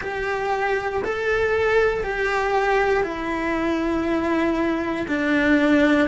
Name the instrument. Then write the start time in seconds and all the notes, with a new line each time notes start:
cello
0.00 G4
1.04 A4
2.03 G4
3.03 E4
5.07 D4